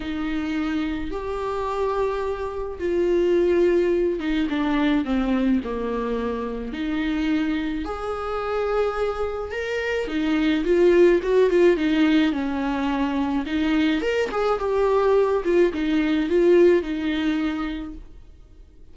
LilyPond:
\new Staff \with { instrumentName = "viola" } { \time 4/4 \tempo 4 = 107 dis'2 g'2~ | g'4 f'2~ f'8 dis'8 | d'4 c'4 ais2 | dis'2 gis'2~ |
gis'4 ais'4 dis'4 f'4 | fis'8 f'8 dis'4 cis'2 | dis'4 ais'8 gis'8 g'4. f'8 | dis'4 f'4 dis'2 | }